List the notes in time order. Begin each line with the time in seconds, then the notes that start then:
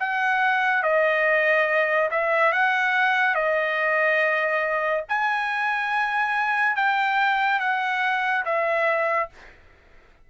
0.00 F#5
0.83 D#5
2.11 E5
2.53 F#5
3.35 D#5
5.09 G#5
6.76 G5
7.60 F#5
8.45 E5